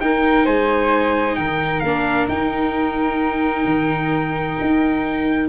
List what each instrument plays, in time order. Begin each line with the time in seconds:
0.00 tuba D#4, viola D#4, flute A#4, trumpet G5
0.44 tuba G#3, flute C5, trumpet G#5
1.35 tuba D#3, flute A#4, trumpet G5
1.80 tuba A#3, viola D4, trumpet F5
2.28 tuba D#4, viola D#4, trumpet G5
3.65 tuba D#3
4.60 tuba D#4